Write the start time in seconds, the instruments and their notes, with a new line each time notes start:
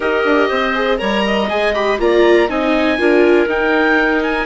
0.00 bassoon D#4, viola G4, clarinet A#4, oboe D#5
0.24 bassoon D4
0.49 bassoon C4, clarinet C5
0.74 viola G#4
0.98 bassoon G3, viola A#4, clarinet C#5, oboe A#5
1.25 clarinet D#5
1.49 bassoon G#3, viola G#4, oboe G#5
1.74 viola G4, oboe B5
1.98 bassoon A#3, viola F4, clarinet D5, oboe A#5
2.48 bassoon C4, viola D#4, clarinet D#5, oboe G#5
2.98 bassoon D4, viola F4, clarinet A#4
3.46 bassoon D#4, viola D#4, oboe G5
4.23 oboe G#5